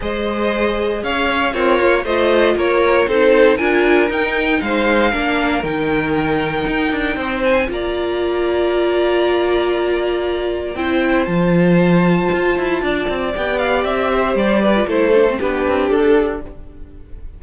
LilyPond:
<<
  \new Staff \with { instrumentName = "violin" } { \time 4/4 \tempo 4 = 117 dis''2 f''4 cis''4 | dis''4 cis''4 c''4 gis''4 | g''4 f''2 g''4~ | g''2~ g''8 gis''8 ais''4~ |
ais''1~ | ais''4 g''4 a''2~ | a''2 g''8 f''8 e''4 | d''4 c''4 b'4 a'4 | }
  \new Staff \with { instrumentName = "violin" } { \time 4/4 c''2 cis''4 f'4 | c''4 ais'4 a'4 ais'4~ | ais'4 c''4 ais'2~ | ais'2 c''4 d''4~ |
d''1~ | d''4 c''2.~ | c''4 d''2~ d''8 c''8~ | c''8 b'8 a'4 g'2 | }
  \new Staff \with { instrumentName = "viola" } { \time 4/4 gis'2. ais'4 | f'2 dis'4 f'4 | dis'2 d'4 dis'4~ | dis'2. f'4~ |
f'1~ | f'4 e'4 f'2~ | f'2 g'2~ | g'8. f'16 e'8 d'16 c'16 d'2 | }
  \new Staff \with { instrumentName = "cello" } { \time 4/4 gis2 cis'4 c'8 ais8 | a4 ais4 c'4 d'4 | dis'4 gis4 ais4 dis4~ | dis4 dis'8 d'8 c'4 ais4~ |
ais1~ | ais4 c'4 f2 | f'8 e'8 d'8 c'8 b4 c'4 | g4 a4 b8 c'8 d'4 | }
>>